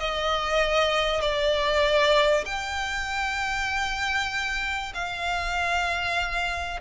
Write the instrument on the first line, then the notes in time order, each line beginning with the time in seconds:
violin
0.00 D#5
1.21 D5
2.46 G5
4.95 F5